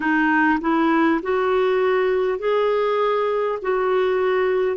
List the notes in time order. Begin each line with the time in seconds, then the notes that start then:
0.00 D#4
0.60 E4
1.22 F#4
2.38 G#4
3.62 F#4